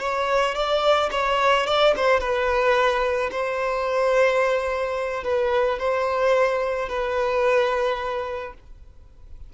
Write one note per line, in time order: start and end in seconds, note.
0.00 0.55 C#5
0.55 1.10 D5
1.12 1.67 C#5
1.67 1.94 D5
1.97 2.20 C5
2.20 3.30 B4
3.32 5.24 C5
5.24 5.79 B4
5.79 6.89 C5
6.89 8.54 B4